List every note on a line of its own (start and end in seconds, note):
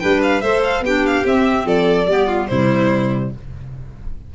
0.00 0.43 G3
0.00 0.42 D4
0.00 0.43 B4
0.00 0.21 G5
0.23 0.42 F5
0.42 0.81 A3
0.42 0.86 A4
0.42 0.84 C5
0.42 0.62 E5
0.64 0.84 F5
0.81 1.23 B3
0.81 1.24 D4
0.81 1.67 G4
0.81 1.06 G5
1.06 1.27 F5
1.24 2.07 C4
1.24 1.66 C4
1.24 1.68 E5
1.66 2.07 F3
1.66 2.08 A4
1.66 2.48 D5
2.07 2.49 G3
2.07 2.50 B3
2.07 2.27 G4
2.27 2.48 F4
2.48 3.33 C3
2.48 3.35 G3
2.48 3.34 E4
2.48 3.31 C5